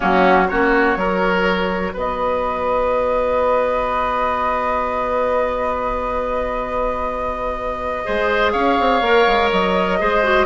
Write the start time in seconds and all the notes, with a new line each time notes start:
0.00 F#3 A#3 C#4 F#4
0.48 A#3 C#4 F#4 C#5
0.95 F#3 F#4 A#4
1.93 B3 B4 D#5
8.04 G#3 G#4 C5
8.52 C#4 C#5 F5
8.79 C4
9.01 A#3 A#4
9.26 G#3
9.50 F#3 D#5
9.99 G#3 G#4 C5
10.24 F#4